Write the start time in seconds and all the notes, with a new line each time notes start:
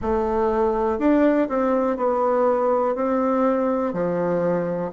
0.01 A3
0.98 D4
1.48 C4
1.97 B3
2.95 C4
3.93 F3